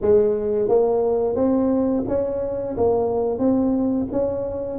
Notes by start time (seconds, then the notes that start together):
0.01 G#3
0.68 A#3
1.35 C4
2.08 C#4
2.77 A#3
3.38 C4
4.12 C#4